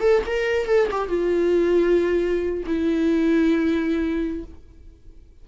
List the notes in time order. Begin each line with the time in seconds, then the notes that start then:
0.00 A4
0.26 A#4
0.66 A4
0.91 G4
1.08 F4
2.66 E4